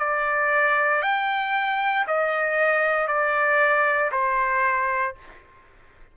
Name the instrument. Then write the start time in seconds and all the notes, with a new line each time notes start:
trumpet
0.00 D5
1.03 G5
2.08 D#5
3.08 D5
4.12 C5